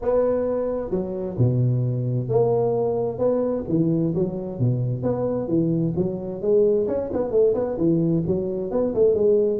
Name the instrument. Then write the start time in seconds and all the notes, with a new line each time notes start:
tuba
0.01 B3
0.90 F#3
1.37 B2
2.28 A#3
3.18 B3
3.68 E3
4.15 F#3
4.59 B2
5.03 B3
5.48 E3
5.95 F#3
6.41 G#3
6.87 C#4
7.13 B3
7.31 A3
7.54 B3
7.77 E3
8.27 F#3
8.71 B3
8.94 A3
9.14 G#3